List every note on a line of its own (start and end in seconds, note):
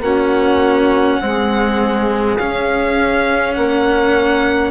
0.00 1.18 A#3
0.00 1.21 C#4
0.00 1.18 F#4
0.00 2.37 F#5
1.20 2.39 G#3
1.20 2.38 C4
1.20 3.55 G#4
2.37 3.56 C#4
2.37 4.71 C#4
2.37 3.54 F5
3.54 4.71 A#3
3.54 4.71 A#4
3.54 4.71 F#5